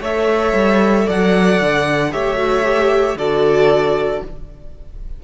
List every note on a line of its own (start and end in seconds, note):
0.00 0.53 A3
0.00 2.11 A4
0.00 1.05 C#5
0.00 1.09 E5
0.54 1.06 G3
1.05 1.61 F#3
1.05 2.10 D5
1.05 2.12 F#5
1.61 2.13 D3
2.11 3.15 A3
2.11 2.36 G4
2.11 3.18 C#5
2.11 3.18 E5
2.36 2.62 F#4
2.64 3.16 G4
3.15 4.20 D3
3.15 4.23 F#4
3.15 4.23 A4
3.15 4.23 D5